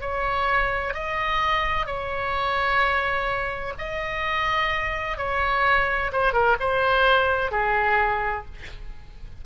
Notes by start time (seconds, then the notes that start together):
0.00 C#5
0.93 D#5
1.86 C#5
3.78 D#5
5.17 C#5
6.12 C5
6.32 A#4
6.60 C5
7.51 G#4